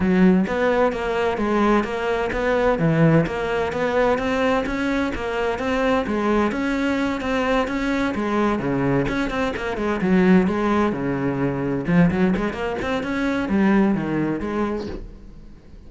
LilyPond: \new Staff \with { instrumentName = "cello" } { \time 4/4 \tempo 4 = 129 fis4 b4 ais4 gis4 | ais4 b4 e4 ais4 | b4 c'4 cis'4 ais4 | c'4 gis4 cis'4. c'8~ |
c'8 cis'4 gis4 cis4 cis'8 | c'8 ais8 gis8 fis4 gis4 cis8~ | cis4. f8 fis8 gis8 ais8 c'8 | cis'4 g4 dis4 gis4 | }